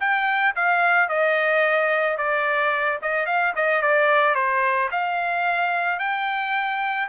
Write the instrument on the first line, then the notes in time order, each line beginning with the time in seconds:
trumpet
0.00 G5
0.55 F5
1.09 D#5
2.17 D5
3.02 D#5
3.26 F5
3.56 D#5
3.82 D5
4.35 C5
4.91 F5
5.99 G5